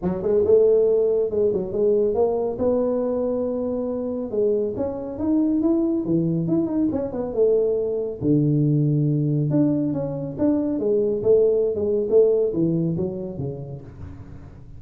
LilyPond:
\new Staff \with { instrumentName = "tuba" } { \time 4/4 \tempo 4 = 139 fis8 gis8 a2 gis8 fis8 | gis4 ais4 b2~ | b2 gis4 cis'4 | dis'4 e'4 e4 e'8 dis'8 |
cis'8 b8 a2 d4~ | d2 d'4 cis'4 | d'4 gis4 a4~ a16 gis8. | a4 e4 fis4 cis4 | }